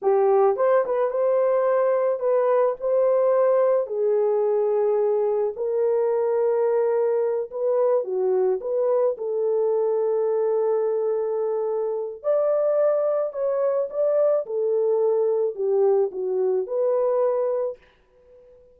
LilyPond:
\new Staff \with { instrumentName = "horn" } { \time 4/4 \tempo 4 = 108 g'4 c''8 b'8 c''2 | b'4 c''2 gis'4~ | gis'2 ais'2~ | ais'4. b'4 fis'4 b'8~ |
b'8 a'2.~ a'8~ | a'2 d''2 | cis''4 d''4 a'2 | g'4 fis'4 b'2 | }